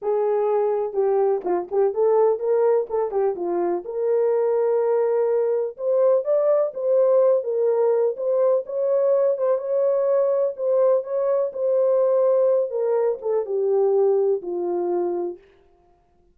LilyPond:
\new Staff \with { instrumentName = "horn" } { \time 4/4 \tempo 4 = 125 gis'2 g'4 f'8 g'8 | a'4 ais'4 a'8 g'8 f'4 | ais'1 | c''4 d''4 c''4. ais'8~ |
ais'4 c''4 cis''4. c''8 | cis''2 c''4 cis''4 | c''2~ c''8 ais'4 a'8 | g'2 f'2 | }